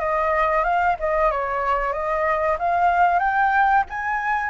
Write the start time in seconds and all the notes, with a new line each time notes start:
0.00 D#5
0.65 F5
1.00 D#5
1.32 C#5
1.93 D#5
2.59 F5
3.20 G5
3.90 G#5